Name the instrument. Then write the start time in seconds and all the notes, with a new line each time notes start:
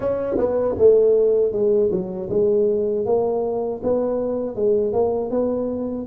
tuba
0.00 C#4
0.37 B3
0.78 A3
1.52 G#3
1.91 F#3
2.29 G#3
3.05 A#3
3.83 B3
4.55 G#3
4.92 A#3
5.30 B3